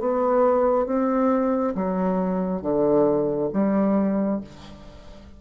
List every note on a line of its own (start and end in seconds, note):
0.00 0.86 B3
0.86 1.74 C4
1.75 2.62 F#3
2.62 3.50 D3
3.53 4.41 G3